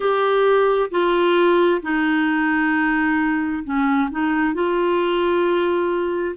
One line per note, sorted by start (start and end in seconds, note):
0.00 0.90 G4
0.90 1.81 F4
1.81 3.63 D#4
3.64 4.09 C#4
4.10 4.53 D#4
4.53 6.35 F4